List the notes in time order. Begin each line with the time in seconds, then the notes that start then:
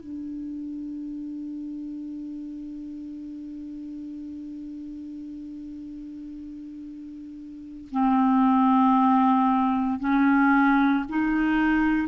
0.00 D4
7.91 C4
10.00 C#4
11.09 D#4